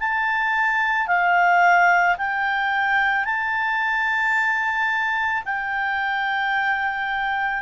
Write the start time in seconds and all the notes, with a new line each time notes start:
0.00 A5
1.08 F5
2.18 G5
3.25 A5
5.45 G5